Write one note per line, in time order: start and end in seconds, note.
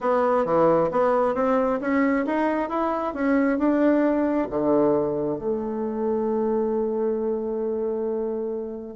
0.01 0.45 B3
0.45 0.90 E3
0.91 1.34 B3
1.34 1.79 C4
1.80 2.25 C#4
2.26 2.69 D#4
2.69 3.13 E4
3.14 3.58 C#4
3.58 4.48 D4
4.50 5.38 D3
5.38 8.96 A3